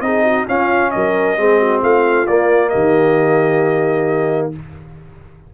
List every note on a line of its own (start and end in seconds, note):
0.00 0.45 C4
0.00 0.47 D#4
0.00 0.24 G#4
0.00 0.45 D#5
0.24 0.46 F#4
0.47 1.37 C#4
0.47 0.93 C#4
0.47 0.92 F4
0.47 0.91 F5
0.91 1.37 F#3
0.91 1.39 A#4
0.91 1.80 D#5
1.37 1.82 G#3
1.37 2.27 C4
1.37 1.60 G#4
1.60 1.81 F#4
1.81 2.27 A3
1.81 2.70 F4
1.81 2.26 F5
2.26 4.52 A#3
2.26 2.73 A#3
2.26 2.69 D5
2.69 4.54 D#3
2.69 4.51 G4
2.69 4.48 D#5